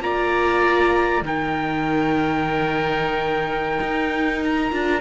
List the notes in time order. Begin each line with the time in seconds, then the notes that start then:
0.00 A#3 F4 D5 A#5
1.22 D#3 D#4 A#4 G5
3.81 D#4
4.44 A#5
4.71 D4 F4